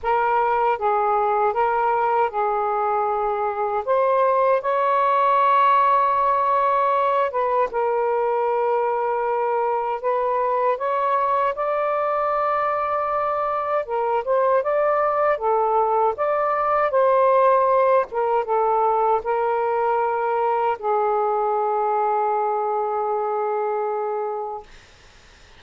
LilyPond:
\new Staff \with { instrumentName = "saxophone" } { \time 4/4 \tempo 4 = 78 ais'4 gis'4 ais'4 gis'4~ | gis'4 c''4 cis''2~ | cis''4. b'8 ais'2~ | ais'4 b'4 cis''4 d''4~ |
d''2 ais'8 c''8 d''4 | a'4 d''4 c''4. ais'8 | a'4 ais'2 gis'4~ | gis'1 | }